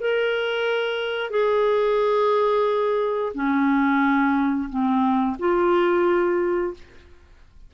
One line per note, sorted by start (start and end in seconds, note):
0.00 1.30 A#4
1.30 3.32 G#4
3.34 4.69 C#4
4.69 5.37 C4
5.39 6.74 F4